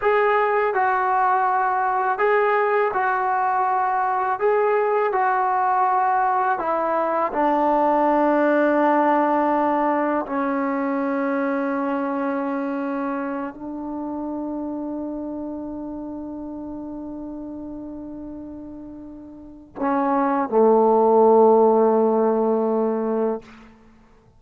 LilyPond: \new Staff \with { instrumentName = "trombone" } { \time 4/4 \tempo 4 = 82 gis'4 fis'2 gis'4 | fis'2 gis'4 fis'4~ | fis'4 e'4 d'2~ | d'2 cis'2~ |
cis'2~ cis'8 d'4.~ | d'1~ | d'2. cis'4 | a1 | }